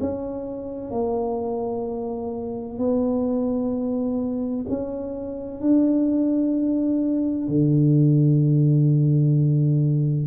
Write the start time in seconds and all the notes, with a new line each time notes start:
0.00 C#4
0.91 A#3
2.78 B3
4.69 C#4
5.60 D4
7.48 D3